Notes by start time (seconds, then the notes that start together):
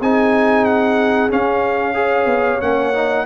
0.00 C4 D#4 G#4 G#5
0.65 F#5
1.30 C#4 F5
1.94 G#4 C#5
2.25 B3
2.60 A#3 C#4 F#5
2.94 D#4